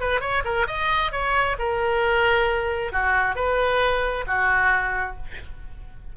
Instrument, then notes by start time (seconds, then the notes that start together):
oboe
0.00 B4
0.21 C#5
0.44 A#4
0.67 D#5
1.12 C#5
1.59 A#4
2.92 F#4
3.35 B4
4.27 F#4